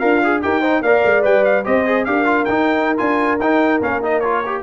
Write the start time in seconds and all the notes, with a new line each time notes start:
0.00 D4 F4 A#4 F5
0.24 G#4
0.42 D#4 G4 A#4 G5
0.61 D#4 C5
0.82 A#3 A#4 D5 F5
1.05 G#3
1.23 G3 B4 G5
1.45 F5
1.65 C4 G4 C5 D#5
1.86 G#4
2.05 D4 G4 A#4 F5
2.26 F4
2.45 D#4 G5
2.98 D4 F4 G#5
3.40 D#4 G5
3.82 A#3 C#4 F5
4.03 D#4 D#5
4.20 F4 C#5
4.46 G4